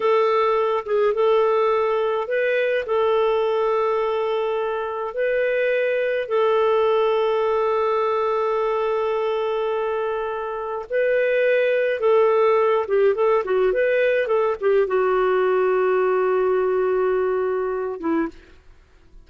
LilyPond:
\new Staff \with { instrumentName = "clarinet" } { \time 4/4 \tempo 4 = 105 a'4. gis'8 a'2 | b'4 a'2.~ | a'4 b'2 a'4~ | a'1~ |
a'2. b'4~ | b'4 a'4. g'8 a'8 fis'8 | b'4 a'8 g'8 fis'2~ | fis'2.~ fis'8 e'8 | }